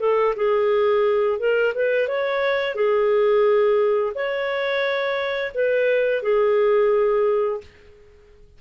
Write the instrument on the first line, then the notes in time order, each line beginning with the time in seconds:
clarinet
0.00 A4
0.36 G#4
1.39 A#4
1.75 B4
2.08 C#5
2.75 G#4
4.15 C#5
5.54 B4
6.23 G#4